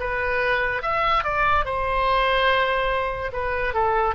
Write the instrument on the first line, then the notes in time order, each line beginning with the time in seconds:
oboe
0.00 B4
0.82 E5
1.24 D5
1.65 C5
3.33 B4
3.74 A4